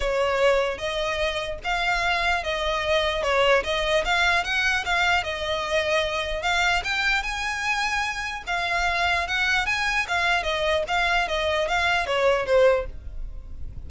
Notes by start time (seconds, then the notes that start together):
0.00 C#5
0.77 D#5
1.63 F5
2.43 D#5
3.23 C#5
3.63 D#5
4.05 F5
4.44 F#5
4.85 F5
5.23 D#5
6.42 F5
6.84 G5
7.22 G#5
8.47 F5
9.27 F#5
9.66 G#5
10.08 F5
10.43 D#5
10.87 F5
11.28 D#5
11.68 F5
12.06 C#5
12.45 C5